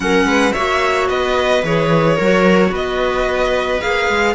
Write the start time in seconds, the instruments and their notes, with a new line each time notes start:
0.00 cello F#3, clarinet C#4, viola A#4, violin F#5
0.24 cello G#3, viola B4
0.52 cello A#3, clarinet F#4, viola C#5, violin E5
1.08 cello B3, viola B4, violin D#5
1.63 cello E3, clarinet G#4, violin C#5
2.15 cello F#3, viola A#4
2.22 clarinet F#4
2.70 cello B3, viola B4, violin D#5
3.80 cello A#3, clarinet G#4, violin F5
4.09 cello G#3